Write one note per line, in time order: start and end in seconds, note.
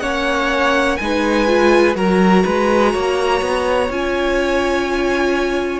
0.00 0.99 A#3
0.00 0.99 C#4
0.00 0.99 C#5
0.00 0.97 F#5
0.97 1.96 G#3
0.97 1.47 D#4
0.97 1.94 G#5
1.04 1.97 B4
1.47 1.95 F4
1.95 2.44 F#3
1.95 3.88 F#4
1.95 2.44 A#4
1.95 3.91 A#5
2.44 2.94 G#3
2.44 2.92 B4
2.92 3.42 A#3
2.92 5.80 C#5
3.42 3.90 B3
3.90 5.80 C#4
3.90 5.80 F4
3.90 5.80 G#5